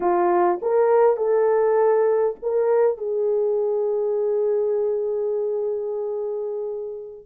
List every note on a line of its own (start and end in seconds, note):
0.00 0.59 F4
0.62 1.16 A#4
1.16 2.35 A4
2.42 2.97 A#4
2.97 7.26 G#4